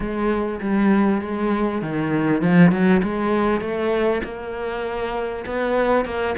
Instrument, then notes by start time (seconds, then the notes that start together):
cello
0.00 G#3
0.60 G3
1.21 G#3
1.82 D#3
2.41 F3
2.71 F#3
3.02 G#3
3.61 A3
4.23 A#3
5.45 B3
6.05 A#3